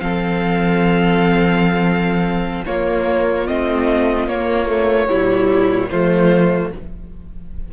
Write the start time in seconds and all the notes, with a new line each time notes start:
0.00 F3 C4 A4 F5
2.65 A#3 F4 C#5
3.47 A3 C4 D#5
4.27 A#3 C#5
4.69 A3
5.08 A#2 G3 E4
5.90 F3 A3 F4 C5